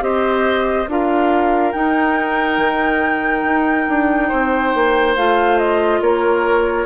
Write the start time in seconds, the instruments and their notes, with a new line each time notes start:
0.00 bassoon C4, clarinet G4, oboe C5, flute D#5
0.87 bassoon D4, clarinet F4, oboe A#4, flute F5
1.72 clarinet D#4, bassoon D#4, flute G5
2.58 bassoon D#3
3.44 bassoon D#4
3.89 bassoon D4
4.28 bassoon C4, oboe C5
4.74 bassoon A#3
5.16 bassoon A3, clarinet F4, flute F5
5.58 flute D#5
6.00 bassoon A#3, oboe A#4, flute C#5